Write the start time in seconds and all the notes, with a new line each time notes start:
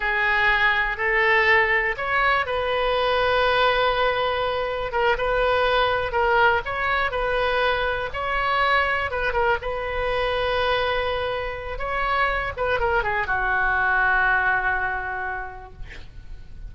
0.00 G#4
0.97 A4
1.97 C#5
2.46 B4
4.92 A#4
5.17 B4
6.12 A#4
6.65 C#5
7.11 B4
8.13 C#5
9.10 B4
9.32 A#4
9.61 B4
11.78 C#5
12.56 B4
12.79 A#4
13.03 G#4
13.27 F#4